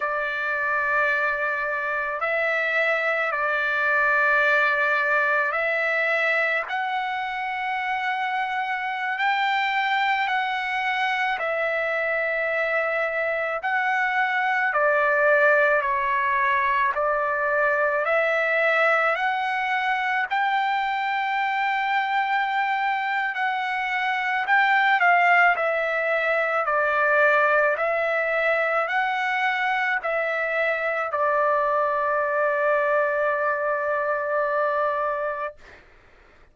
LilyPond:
\new Staff \with { instrumentName = "trumpet" } { \time 4/4 \tempo 4 = 54 d''2 e''4 d''4~ | d''4 e''4 fis''2~ | fis''16 g''4 fis''4 e''4.~ e''16~ | e''16 fis''4 d''4 cis''4 d''8.~ |
d''16 e''4 fis''4 g''4.~ g''16~ | g''4 fis''4 g''8 f''8 e''4 | d''4 e''4 fis''4 e''4 | d''1 | }